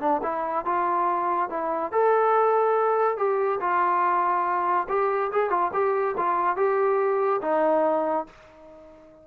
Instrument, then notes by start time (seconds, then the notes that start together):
trombone
0.00 D4
0.23 E4
0.65 F4
1.49 E4
1.92 A4
3.17 G4
3.60 F4
4.89 G4
5.32 G#4
5.50 F4
5.73 G4
6.17 F4
6.56 G4
7.42 D#4